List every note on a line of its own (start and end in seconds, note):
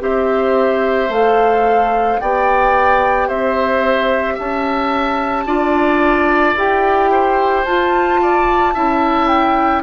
0.00 1.09 C4
0.00 1.09 G4
0.00 2.21 C5
0.00 1.12 E5
1.09 2.18 A3
1.09 2.20 A4
1.09 2.20 F5
2.20 3.29 B3
2.20 5.47 G4
2.20 3.28 D5
2.20 3.29 G5
3.28 4.38 C4
3.28 4.34 C5
3.28 4.38 E5
4.34 5.47 C#4
4.34 5.43 E5
4.34 6.57 A5
5.47 6.56 D4
5.47 6.56 F4
5.47 7.11 D5
6.56 7.65 E4
6.56 7.66 G4
6.56 7.65 G5
7.12 8.21 C5
7.65 8.75 F4
7.65 9.28 A5
8.22 8.74 D5
8.74 9.83 C#4
8.74 9.83 E4
8.74 9.83 E5
9.28 9.83 G5